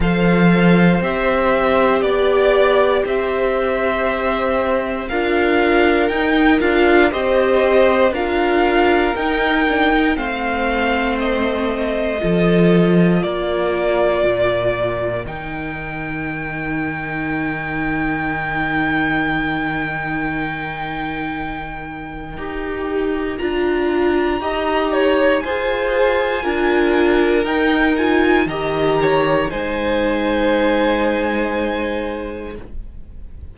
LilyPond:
<<
  \new Staff \with { instrumentName = "violin" } { \time 4/4 \tempo 4 = 59 f''4 e''4 d''4 e''4~ | e''4 f''4 g''8 f''8 dis''4 | f''4 g''4 f''4 dis''4~ | dis''4 d''2 g''4~ |
g''1~ | g''2. ais''4~ | ais''4 gis''2 g''8 gis''8 | ais''4 gis''2. | }
  \new Staff \with { instrumentName = "violin" } { \time 4/4 c''2 d''4 c''4~ | c''4 ais'2 c''4 | ais'2 c''2 | a'4 ais'2.~ |
ais'1~ | ais'1 | dis''8 cis''8 c''4 ais'2 | dis''8 cis''8 c''2. | }
  \new Staff \with { instrumentName = "viola" } { \time 4/4 a'4 g'2.~ | g'4 f'4 dis'8 f'8 g'4 | f'4 dis'8 d'16 dis'16 c'2 | f'2. dis'4~ |
dis'1~ | dis'2 g'4 f'4 | g'4 gis'4 f'4 dis'8 f'8 | g'4 dis'2. | }
  \new Staff \with { instrumentName = "cello" } { \time 4/4 f4 c'4 b4 c'4~ | c'4 d'4 dis'8 d'8 c'4 | d'4 dis'4 a2 | f4 ais4 ais,4 dis4~ |
dis1~ | dis2 dis'4 d'4 | dis'4 f'4 d'4 dis'4 | dis4 gis2. | }
>>